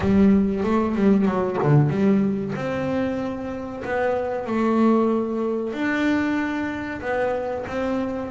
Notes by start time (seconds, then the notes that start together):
0.00 G3
0.63 A3
0.95 G3
1.25 F#3
1.62 D3
1.89 G3
2.55 C4
3.84 B3
4.46 A3
5.73 D4
7.01 B3
7.67 C4